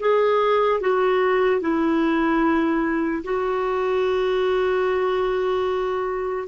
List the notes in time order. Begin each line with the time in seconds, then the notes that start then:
0.00 G#4
0.81 F#4
1.61 E4
3.24 F#4